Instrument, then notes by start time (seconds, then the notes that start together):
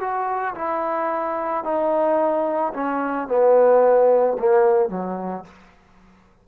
trombone
0.00 F#4
0.55 E4
1.64 D#4
2.74 C#4
3.28 B3
4.39 A#3
4.89 F#3